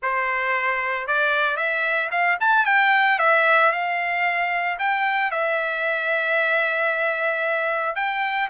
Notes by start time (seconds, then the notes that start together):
0.02 C5
1.07 D5
1.57 E5
2.11 F5
2.40 A5
2.65 G5
3.19 E5
3.72 F5
4.78 G5
5.31 E5
7.95 G5